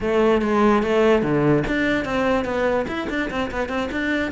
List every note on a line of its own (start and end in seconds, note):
0.01 0.41 A3
0.41 0.82 G#3
0.82 1.22 A3
1.22 1.63 D3
1.67 2.05 D4
2.05 2.44 C4
2.44 2.85 B3
2.87 3.08 E4
3.09 3.30 D4
3.30 3.51 C4
3.51 3.68 B3
3.68 3.89 C4
3.91 4.31 D4